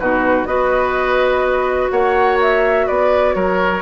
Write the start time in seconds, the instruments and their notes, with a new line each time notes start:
0.00 bassoon B2, clarinet D#4, oboe F#4, flute B4
0.46 bassoon B3, clarinet F#4, oboe B4, flute D#5
1.91 bassoon A#3, oboe C#5, flute F#5
2.42 flute E5
2.87 bassoon B3, oboe B4, flute D5
3.35 bassoon F#3, oboe A#4, flute C#5